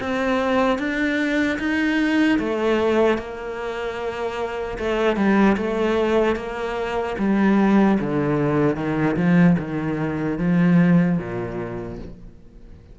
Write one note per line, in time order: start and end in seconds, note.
0.00 0.78 C4
0.78 1.58 D4
1.59 2.39 D#4
2.39 3.18 A3
3.18 4.78 A#3
4.78 5.16 A3
5.16 5.56 G3
5.56 6.36 A3
6.36 7.16 A#3
7.18 7.98 G3
8.00 8.76 D3
8.76 9.16 D#3
9.16 9.56 F3
9.58 10.38 D#3
10.38 11.18 F3
11.18 11.98 A#2